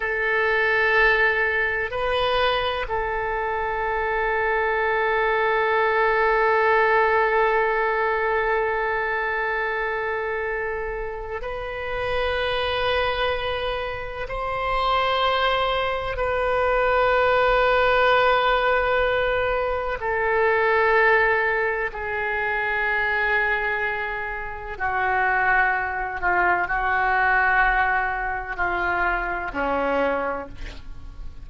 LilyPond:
\new Staff \with { instrumentName = "oboe" } { \time 4/4 \tempo 4 = 63 a'2 b'4 a'4~ | a'1~ | a'1 | b'2. c''4~ |
c''4 b'2.~ | b'4 a'2 gis'4~ | gis'2 fis'4. f'8 | fis'2 f'4 cis'4 | }